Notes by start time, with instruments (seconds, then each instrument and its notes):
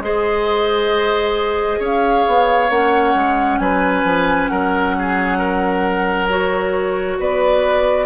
0.00 bassoon G#3, clarinet G#4, oboe C5, flute D#5
1.80 bassoon C#4, oboe C#5, flute F5
2.28 bassoon B3
2.70 bassoon A#3, clarinet C#4, flute F#5
3.15 bassoon G#3
3.59 bassoon F#3, oboe B4, flute G#5
4.04 bassoon F3
4.49 bassoon F#3, oboe A#4, flute F#5
4.99 oboe G#4
5.38 oboe A#4
6.30 clarinet F#4, flute C#5
7.19 bassoon B3, oboe B4, flute D5